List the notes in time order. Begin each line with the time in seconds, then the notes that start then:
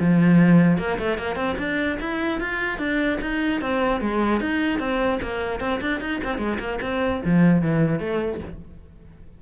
0.00 F3
0.78 A#3
0.98 A3
1.18 A#3
1.36 C4
1.58 D4
2.00 E4
2.41 F4
2.78 D4
3.21 D#4
3.61 C4
4.01 G#3
4.41 D#4
4.80 C4
5.22 A#3
5.60 C4
5.81 D4
6.01 D#4
6.24 C4
6.38 G#3
6.59 A#3
6.82 C4
7.25 F3
7.62 E3
8.00 A3